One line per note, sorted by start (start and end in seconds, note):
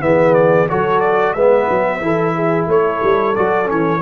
0.00 0.67 E3
0.00 0.67 B3
0.00 0.70 G#4
0.00 0.34 E5
0.34 0.67 D5
0.69 1.34 F#3
0.69 1.36 F#4
0.69 1.35 A4
0.69 1.00 C#5
1.00 1.33 D5
1.33 1.67 G#3
1.33 2.01 B3
1.33 2.02 B4
1.33 2.67 E5
1.69 2.01 F#3
2.01 2.67 E3
2.01 3.35 E4
2.01 2.35 A4
2.35 2.68 G#4
2.67 3.00 A3
2.67 4.01 A4
2.67 3.35 C#5
3.03 3.36 G3
3.35 3.70 F#3
3.35 3.65 F#4
3.35 3.68 D5
3.65 4.01 E3
3.65 3.98 C#4
3.65 4.01 C#5